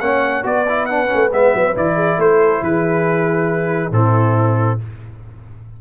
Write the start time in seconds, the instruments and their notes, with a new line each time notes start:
0.00 tuba A#3, trombone C#4, horn C#5, trumpet F#5
0.43 tuba B3, trombone F#4, horn B4, trumpet D5
0.69 trombone E4
0.86 trombone D4, trumpet F#5
1.07 trombone C#4
1.13 tuba A3
1.32 tuba G#3, trombone B3, trumpet E5
1.54 tuba F#3
1.75 tuba E3, trombone E4, trumpet D5
1.94 horn G#4
2.18 tuba A3, horn A4, trumpet C5
2.62 tuba E3, horn G#4, trumpet B4
3.91 tuba A2, trombone C4, horn E4, trumpet A4